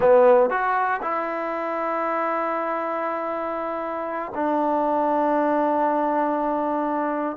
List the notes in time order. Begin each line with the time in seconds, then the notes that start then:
0.00 B3
0.50 F#4
1.01 E4
4.34 D4